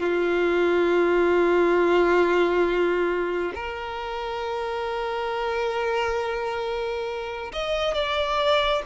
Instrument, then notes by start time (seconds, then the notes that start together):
violin
0.00 F4
3.55 A#4
7.54 D#5
7.95 D5